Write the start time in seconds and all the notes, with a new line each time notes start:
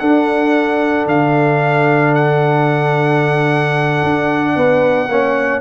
0.00 D4 A4 F#5
1.07 D3 F5
2.15 F#5
4.04 D4
4.56 B3 B4
5.09 A#3 C#4 C#5